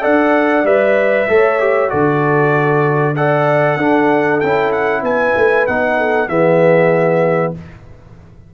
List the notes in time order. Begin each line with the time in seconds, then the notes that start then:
0.00 D4 A4 D5 F#5
0.63 G3 B4 E5
1.28 A3 A4 C#5
1.59 G4
1.88 D3 F#4 A4 D5
3.15 A4 D5 F#5
3.76 D4 A4
4.40 C#4 E4 G5
4.71 F#5
5.02 B3 B4 G#5
5.36 A3
5.66 B3 D#4 F#5
5.97 A4
6.28 E3 B3 G#4 E5